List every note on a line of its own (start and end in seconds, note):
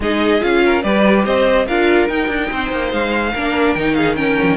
0.00 0.42 G#3
0.00 0.40 D#4
0.00 0.63 G#4
0.00 0.42 D#5
0.40 0.84 C#4
0.40 0.81 F4
0.40 0.82 F5
0.64 0.83 A#4
0.82 1.25 G3
0.82 1.66 G4
0.82 1.25 B4
0.82 1.24 D5
1.25 1.67 C4
1.25 1.66 C5
1.25 1.67 D#5
1.66 2.08 D4
1.66 2.08 F4
1.66 2.49 A#4
1.66 2.08 F5
2.08 3.33 D#4
2.08 2.28 D#4
2.08 2.91 G5
2.28 2.48 D4
2.50 2.71 C4
2.50 3.32 C5
2.71 2.92 A#3
2.92 3.34 G#3
2.92 3.74 F5
3.32 3.75 A#3
3.32 3.78 D4
3.32 3.95 A#4
3.74 4.37 D#3
3.74 4.15 D#4
3.74 3.94 G5
3.94 4.17 G#4
3.94 4.15 F5
4.15 4.56 C#4
4.15 4.56 A#4
4.15 4.56 G5
4.42 4.49 F3
4.49 4.56 D#3